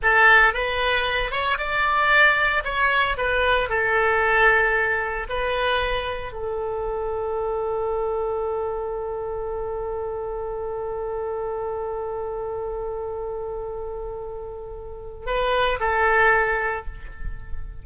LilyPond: \new Staff \with { instrumentName = "oboe" } { \time 4/4 \tempo 4 = 114 a'4 b'4. cis''8 d''4~ | d''4 cis''4 b'4 a'4~ | a'2 b'2 | a'1~ |
a'1~ | a'1~ | a'1~ | a'4 b'4 a'2 | }